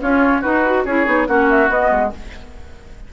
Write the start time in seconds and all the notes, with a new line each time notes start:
0.00 C#4 F4 C#5
0.41 D#4 F#4 B4
0.65 F#4
0.85 C#4 E4 G#4 C#5
1.05 B3 D#4
1.26 A#3 C#4 F#4 F#5
1.49 E5
1.68 B3 D#5
1.90 G#3